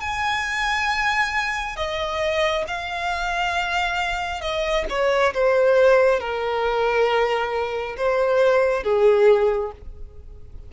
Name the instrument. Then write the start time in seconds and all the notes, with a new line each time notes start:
violin
0.00 G#5
1.76 D#5
2.67 F5
4.41 D#5
4.89 C#5
5.33 C5
6.20 A#4
7.97 C5
8.83 G#4